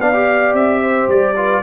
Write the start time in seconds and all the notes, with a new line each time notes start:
0.00 B3 D4 D5 F5
0.13 G4
0.53 C4 E5
0.81 C5
1.07 G3 D5
1.36 F4 B4